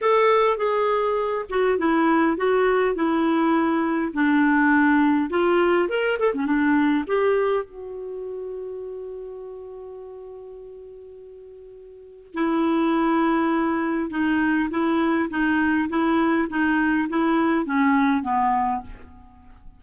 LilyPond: \new Staff \with { instrumentName = "clarinet" } { \time 4/4 \tempo 4 = 102 a'4 gis'4. fis'8 e'4 | fis'4 e'2 d'4~ | d'4 f'4 ais'8 a'16 cis'16 d'4 | g'4 fis'2.~ |
fis'1~ | fis'4 e'2. | dis'4 e'4 dis'4 e'4 | dis'4 e'4 cis'4 b4 | }